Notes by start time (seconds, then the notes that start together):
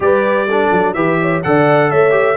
0.00 G3 G4 B4 D5
0.47 D4 A4
0.71 F#3
0.93 E3 G4 B4 E5
1.21 C#5
1.43 D3 A4 D5 F#5
1.89 A3 C#5 E5
2.10 G4